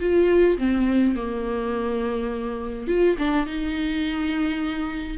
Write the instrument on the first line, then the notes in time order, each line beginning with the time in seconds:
viola
0.00 F4
0.58 C4
1.16 A#3
2.88 F4
3.19 D4
3.46 D#4